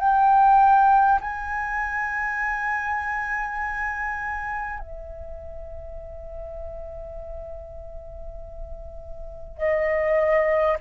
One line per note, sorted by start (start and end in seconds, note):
0.00 1.20 G5
1.21 4.80 G#5
4.80 9.58 E5
9.58 10.78 D#5